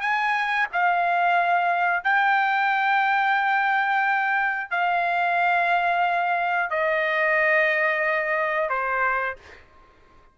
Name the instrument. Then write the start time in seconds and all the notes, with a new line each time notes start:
trumpet
0.00 G#5
0.72 F5
2.03 G5
4.70 F5
6.70 D#5
8.69 C5